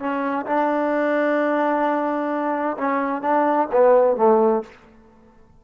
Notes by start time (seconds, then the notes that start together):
0.00 C#4
0.47 D4
2.78 C#4
3.22 D4
3.72 B3
4.17 A3